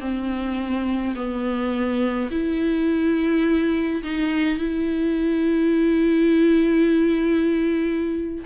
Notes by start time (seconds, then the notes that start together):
0.00 C4
1.15 B3
2.31 E4
4.03 D#4
4.58 E4